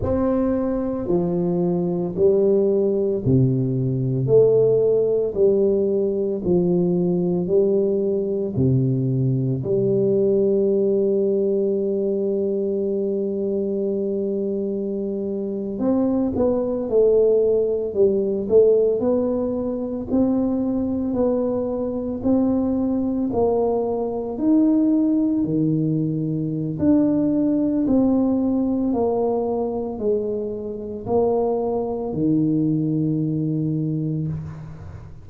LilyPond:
\new Staff \with { instrumentName = "tuba" } { \time 4/4 \tempo 4 = 56 c'4 f4 g4 c4 | a4 g4 f4 g4 | c4 g2.~ | g2~ g8. c'8 b8 a16~ |
a8. g8 a8 b4 c'4 b16~ | b8. c'4 ais4 dis'4 dis16~ | dis4 d'4 c'4 ais4 | gis4 ais4 dis2 | }